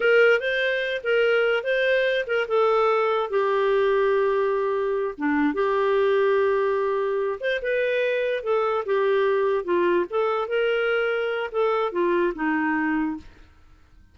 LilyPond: \new Staff \with { instrumentName = "clarinet" } { \time 4/4 \tempo 4 = 146 ais'4 c''4. ais'4. | c''4. ais'8 a'2 | g'1~ | g'8 d'4 g'2~ g'8~ |
g'2 c''8 b'4.~ | b'8 a'4 g'2 f'8~ | f'8 a'4 ais'2~ ais'8 | a'4 f'4 dis'2 | }